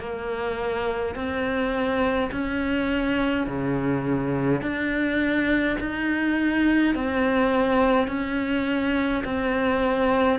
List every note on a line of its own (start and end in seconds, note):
0.00 1.15 A#3
1.15 2.31 C4
2.32 3.47 C#4
3.47 4.62 C#3
4.62 5.77 D4
5.81 6.95 D#4
6.95 8.08 C4
8.08 9.24 C#4
9.25 10.40 C4